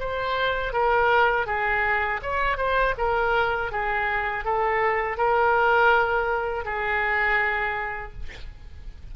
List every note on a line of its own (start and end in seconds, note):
0.00 0.73 C5
0.73 1.47 A#4
1.47 2.21 G#4
2.23 2.58 C#5
2.58 2.95 C5
2.98 3.72 A#4
3.72 4.45 G#4
4.45 5.18 A4
5.18 6.65 A#4
6.65 8.13 G#4